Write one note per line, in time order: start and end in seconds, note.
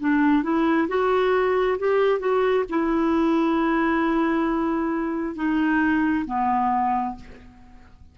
0.00 0.43 D4
0.43 0.88 E4
0.88 1.78 F#4
1.79 2.19 G4
2.19 2.64 F#4
2.69 5.36 E4
5.36 6.25 D#4
6.26 7.15 B3